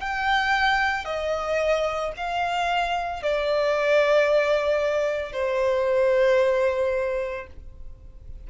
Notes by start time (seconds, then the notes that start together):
0.00 G5
1.05 D#5
2.17 F5
3.23 D5
5.33 C5